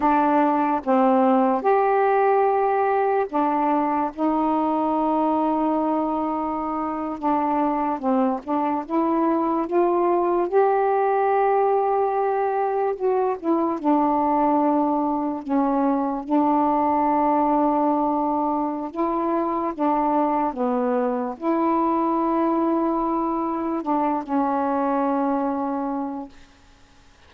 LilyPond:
\new Staff \with { instrumentName = "saxophone" } { \time 4/4 \tempo 4 = 73 d'4 c'4 g'2 | d'4 dis'2.~ | dis'8. d'4 c'8 d'8 e'4 f'16~ | f'8. g'2. fis'16~ |
fis'16 e'8 d'2 cis'4 d'16~ | d'2. e'4 | d'4 b4 e'2~ | e'4 d'8 cis'2~ cis'8 | }